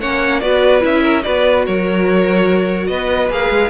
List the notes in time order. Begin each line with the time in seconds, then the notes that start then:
0.00 A#3 C#4 C#5 F#5
0.40 B3 F#4 B4 D5
0.81 C#4 E4 E5
1.02 A#4
1.22 B3 F#4 B4 D5
1.65 F#3 A#4 C#5
2.87 B3 B4 D#5
3.29 A#3 G#4 F5
3.49 G#3